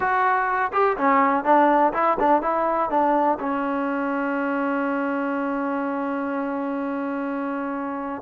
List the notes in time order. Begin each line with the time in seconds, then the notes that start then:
0.00 F#4
0.72 G4
0.97 C#4
1.44 D4
1.93 E4
2.19 D4
2.41 E4
2.90 D4
3.39 C#4